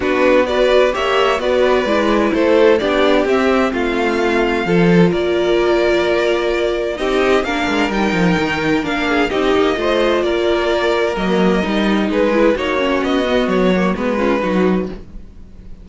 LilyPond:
<<
  \new Staff \with { instrumentName = "violin" } { \time 4/4 \tempo 4 = 129 b'4 d''4 e''4 d''4~ | d''4 c''4 d''4 e''4 | f''2. d''4~ | d''2. dis''4 |
f''4 g''2 f''4 | dis''2 d''2 | dis''2 b'4 cis''4 | dis''4 cis''4 b'2 | }
  \new Staff \with { instrumentName = "violin" } { \time 4/4 fis'4 b'4 cis''4 b'4~ | b'4 a'4 g'2 | f'2 a'4 ais'4~ | ais'2. g'4 |
ais'2.~ ais'8 gis'8 | g'4 c''4 ais'2~ | ais'2 gis'4 fis'4~ | fis'2~ fis'8 f'8 fis'4 | }
  \new Staff \with { instrumentName = "viola" } { \time 4/4 d'4 fis'4 g'4 fis'4 | e'2 d'4 c'4~ | c'2 f'2~ | f'2. dis'4 |
d'4 dis'2 d'4 | dis'4 f'2. | ais4 dis'4. e'8 dis'8 cis'8~ | cis'8 b4 ais8 b8 cis'8 dis'4 | }
  \new Staff \with { instrumentName = "cello" } { \time 4/4 b2 ais4 b4 | gis4 a4 b4 c'4 | a2 f4 ais4~ | ais2. c'4 |
ais8 gis8 g8 f8 dis4 ais4 | c'8 ais8 a4 ais2 | fis4 g4 gis4 ais4 | b4 fis4 gis4 fis4 | }
>>